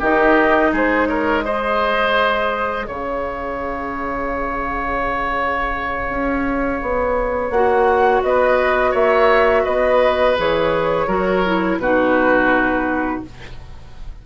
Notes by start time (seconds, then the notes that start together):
0.00 D#3 D#4 G4 D#5
0.73 G#3 G#4 C5
1.07 A#4 C#5
1.45 G#4 C5 D#5
2.87 C#3 C#5 F5
6.10 C#4
6.82 B3
7.51 A#3 F#4 F#5
8.24 B3 B4 D#5
8.92 A#3 C#5 E5
9.65 B3 B4 D#5
10.37 E3 G#4 C#5
11.07 F#3 F#4 A#4
11.46 E4
11.79 B2 D#4 F#4 B4